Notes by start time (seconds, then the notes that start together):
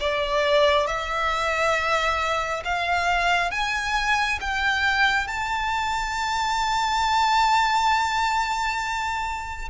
0.00 D5
0.86 E5
2.64 F5
3.51 G#5
4.40 G5
5.27 A5